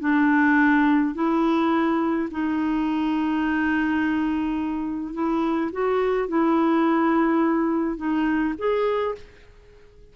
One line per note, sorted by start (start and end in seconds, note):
0.00 1.14 D4
1.14 2.29 E4
2.31 5.14 D#4
5.14 5.71 E4
5.72 6.28 F#4
6.28 7.97 E4
7.97 8.54 D#4
8.58 9.15 G#4